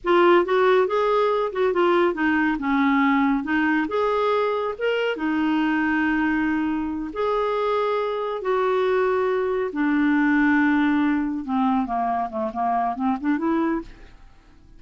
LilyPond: \new Staff \with { instrumentName = "clarinet" } { \time 4/4 \tempo 4 = 139 f'4 fis'4 gis'4. fis'8 | f'4 dis'4 cis'2 | dis'4 gis'2 ais'4 | dis'1~ |
dis'8 gis'2. fis'8~ | fis'2~ fis'8 d'4.~ | d'2~ d'8 c'4 ais8~ | ais8 a8 ais4 c'8 d'8 e'4 | }